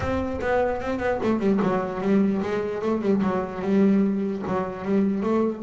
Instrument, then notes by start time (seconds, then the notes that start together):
double bass
0.00 C4
0.41 B3
0.81 C4
0.99 B3
1.23 A3
1.39 G3
1.62 F#3
2.00 G3
2.42 G#3
2.81 A3
3.01 G3
3.22 F#3
3.61 G3
4.47 F#3
4.84 G3
5.23 A3